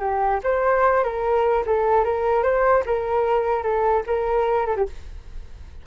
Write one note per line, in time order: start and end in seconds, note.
0.00 0.40 G4
0.44 1.04 C5
1.04 1.64 A#4
1.66 2.04 A4
2.04 2.43 A#4
2.43 2.83 C5
2.86 3.63 A#4
3.63 4.03 A4
4.07 4.66 A#4
4.66 4.76 A4
4.76 4.87 G4